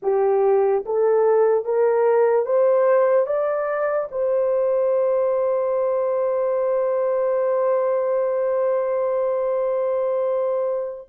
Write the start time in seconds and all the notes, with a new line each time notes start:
0.02 G4
0.85 A4
1.64 A#4
2.45 C5
3.26 D5
4.11 C5